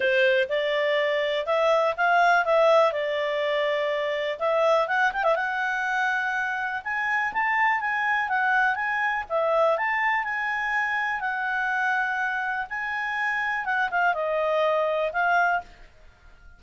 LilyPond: \new Staff \with { instrumentName = "clarinet" } { \time 4/4 \tempo 4 = 123 c''4 d''2 e''4 | f''4 e''4 d''2~ | d''4 e''4 fis''8 g''16 e''16 fis''4~ | fis''2 gis''4 a''4 |
gis''4 fis''4 gis''4 e''4 | a''4 gis''2 fis''4~ | fis''2 gis''2 | fis''8 f''8 dis''2 f''4 | }